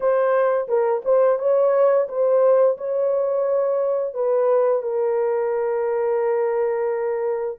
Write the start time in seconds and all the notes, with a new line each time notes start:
0.00 C5
0.67 A#4
1.04 C5
1.38 C#5
2.08 C5
2.77 C#5
4.14 B4
4.82 A#4